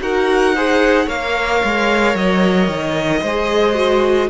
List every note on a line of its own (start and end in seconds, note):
0.00 1.07 D#4
0.00 0.54 F#4
0.00 0.55 A#4
0.00 1.09 F#5
0.55 1.07 G#4
0.55 1.05 C5
1.05 1.62 A#3
1.05 3.21 A#4
1.05 3.20 C#5
1.05 2.15 F5
1.63 2.14 G#3
2.14 2.67 F#3
2.14 4.29 D#5
2.67 3.21 D#3
3.21 4.29 G#3
3.21 3.75 G#4
3.21 4.28 C5
3.75 4.28 F#4